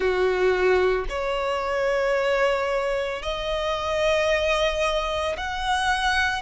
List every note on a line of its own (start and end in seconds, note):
0.00 1.05 F#4
1.09 3.22 C#5
3.22 5.36 D#5
5.37 6.42 F#5